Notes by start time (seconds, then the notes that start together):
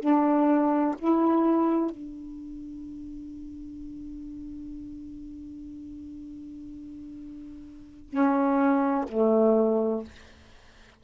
0.00 D4
0.98 E4
1.91 D4
8.10 C#4
9.09 A3